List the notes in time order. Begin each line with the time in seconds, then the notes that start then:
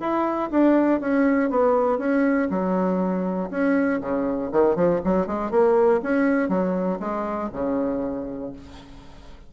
0.00 E4
0.51 D4
1.00 C#4
1.50 B3
1.98 C#4
2.50 F#3
3.50 C#4
4.01 C#3
4.52 D#3
4.75 F3
5.04 F#3
5.27 G#3
5.50 A#3
6.02 C#4
6.49 F#3
7.00 G#3
7.53 C#3